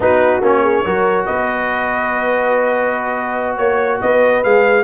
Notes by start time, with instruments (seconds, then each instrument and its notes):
0.00 tuba B3, trombone D#4, horn F#4, trumpet B4
0.41 tuba A#3, trombone C#4, trumpet C#5
0.62 horn G#4
0.84 tuba F#3, trombone F#4, horn A#4
1.25 tuba B3, horn B4, trumpet D#5
3.56 tuba A#3, horn C#5, trumpet C#5
4.01 tuba B3, horn B4, trumpet D#5
4.43 tuba G#3, trombone G#4, trumpet F5